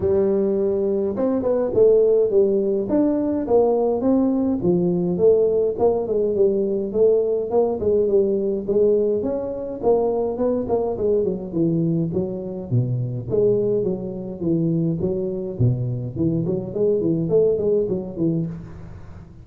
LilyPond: \new Staff \with { instrumentName = "tuba" } { \time 4/4 \tempo 4 = 104 g2 c'8 b8 a4 | g4 d'4 ais4 c'4 | f4 a4 ais8 gis8 g4 | a4 ais8 gis8 g4 gis4 |
cis'4 ais4 b8 ais8 gis8 fis8 | e4 fis4 b,4 gis4 | fis4 e4 fis4 b,4 | e8 fis8 gis8 e8 a8 gis8 fis8 e8 | }